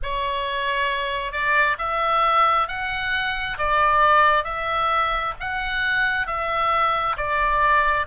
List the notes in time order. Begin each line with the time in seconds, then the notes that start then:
0.02 C#5
1.31 D5
1.78 E5
2.67 F#5
3.57 D5
4.44 E5
5.40 F#5
6.26 E5
7.16 D5